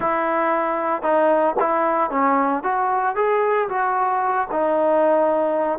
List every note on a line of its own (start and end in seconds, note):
0.00 1.02 E4
1.02 1.55 D#4
1.59 2.10 E4
2.10 2.63 C#4
2.63 3.15 F#4
3.15 3.68 G#4
3.68 4.47 F#4
4.51 5.78 D#4